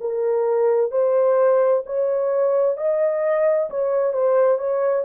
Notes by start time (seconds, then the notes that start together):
0.00 A#4
0.91 C5
1.85 C#5
2.77 D#5
3.70 C#5
4.13 C5
4.58 C#5